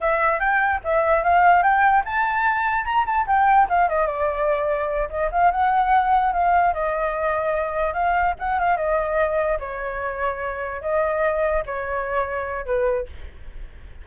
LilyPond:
\new Staff \with { instrumentName = "flute" } { \time 4/4 \tempo 4 = 147 e''4 g''4 e''4 f''4 | g''4 a''2 ais''8 a''8 | g''4 f''8 dis''8 d''2~ | d''8 dis''8 f''8 fis''2 f''8~ |
f''8 dis''2. f''8~ | f''8 fis''8 f''8 dis''2 cis''8~ | cis''2~ cis''8 dis''4.~ | dis''8 cis''2~ cis''8 b'4 | }